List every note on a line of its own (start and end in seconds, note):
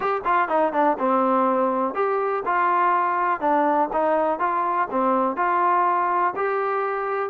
0.00 0.21 G4
0.24 0.48 F4
0.48 0.72 D#4
0.72 0.97 D4
0.98 1.94 C4
1.94 2.43 G4
2.45 3.40 F4
3.40 3.89 D4
3.92 4.39 D#4
4.39 4.88 F4
4.90 5.36 C4
5.36 6.34 F4
6.36 7.29 G4